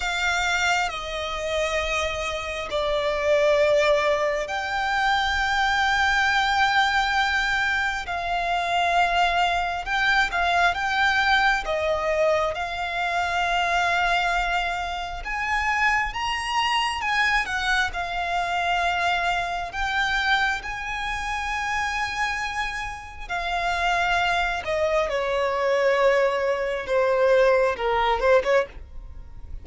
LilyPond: \new Staff \with { instrumentName = "violin" } { \time 4/4 \tempo 4 = 67 f''4 dis''2 d''4~ | d''4 g''2.~ | g''4 f''2 g''8 f''8 | g''4 dis''4 f''2~ |
f''4 gis''4 ais''4 gis''8 fis''8 | f''2 g''4 gis''4~ | gis''2 f''4. dis''8 | cis''2 c''4 ais'8 c''16 cis''16 | }